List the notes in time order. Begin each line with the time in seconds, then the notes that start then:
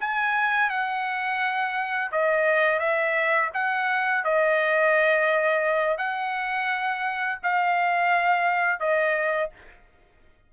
0.00 G#5
0.70 F#5
2.12 D#5
2.79 E5
3.54 F#5
4.24 D#5
5.97 F#5
7.43 F5
8.79 D#5